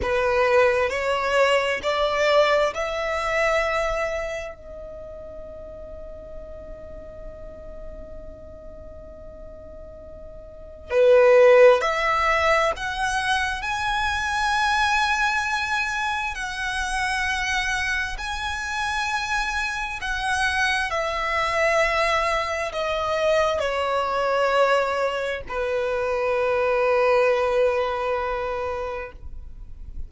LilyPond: \new Staff \with { instrumentName = "violin" } { \time 4/4 \tempo 4 = 66 b'4 cis''4 d''4 e''4~ | e''4 dis''2.~ | dis''1 | b'4 e''4 fis''4 gis''4~ |
gis''2 fis''2 | gis''2 fis''4 e''4~ | e''4 dis''4 cis''2 | b'1 | }